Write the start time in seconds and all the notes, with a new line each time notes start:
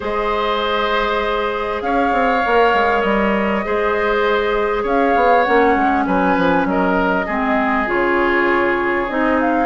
0.00 G#3 G#4 C5 D#5
1.81 C#4 C#5 F5
2.12 C4
2.45 A#3 A#4
2.74 G#3
3.01 G3 D#5
3.64 G#3 G#4 C5
4.82 C#4 C#5 F5
5.15 B3
5.43 A#3 C#4 F#5
5.76 G#3
6.05 F#3 B4 G#5
6.37 F3
6.65 F#3 A#4 D#5
7.26 G#3 C4 G#4
7.86 C#3 F4 C#5
9.08 C4 D#4 D#5
9.40 F5